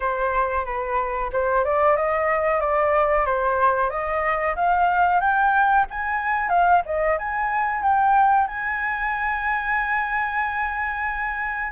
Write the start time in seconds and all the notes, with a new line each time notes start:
0.00 C5
0.65 B4
1.32 C5
1.64 D5
1.96 D#5
2.60 D5
3.25 C5
3.90 D#5
4.55 F5
5.20 G5
5.90 G#5
6.49 F5
6.85 D#5
7.18 G#5
7.82 G5
8.47 G#5